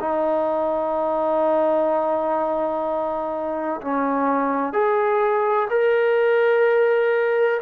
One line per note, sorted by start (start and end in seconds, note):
0.00 3.81 D#4
3.82 4.74 C#4
4.74 5.69 G#4
5.71 7.61 A#4